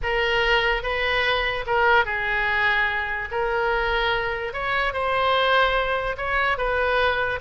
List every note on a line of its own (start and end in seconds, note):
0.02 0.82 A#4
0.82 1.64 B4
1.66 2.05 A#4
2.05 3.28 G#4
3.31 4.53 A#4
4.53 4.93 C#5
4.93 6.16 C5
6.17 6.57 C#5
6.57 7.39 B4